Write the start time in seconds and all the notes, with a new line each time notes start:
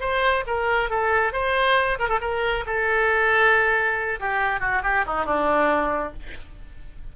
0.00 C5
0.46 A#4
0.89 A4
1.32 C5
1.99 A#4
2.08 A4
2.21 A#4
2.66 A4
4.19 G4
4.60 F#4
4.83 G4
5.06 D#4
5.25 D4